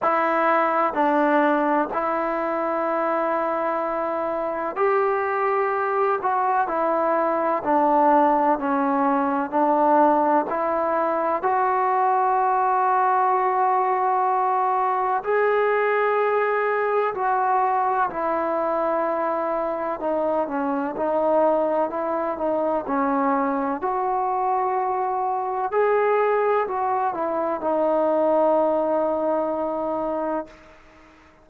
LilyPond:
\new Staff \with { instrumentName = "trombone" } { \time 4/4 \tempo 4 = 63 e'4 d'4 e'2~ | e'4 g'4. fis'8 e'4 | d'4 cis'4 d'4 e'4 | fis'1 |
gis'2 fis'4 e'4~ | e'4 dis'8 cis'8 dis'4 e'8 dis'8 | cis'4 fis'2 gis'4 | fis'8 e'8 dis'2. | }